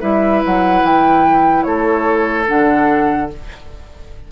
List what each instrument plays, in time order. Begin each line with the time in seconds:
0.00 bassoon G3, clarinet E4, oboe B4, flute E5
0.45 bassoon F#3, flute F#5
0.82 bassoon E3, flute G5
1.63 bassoon A3, oboe A4, flute C#5
2.46 bassoon D3, clarinet D4, flute F#5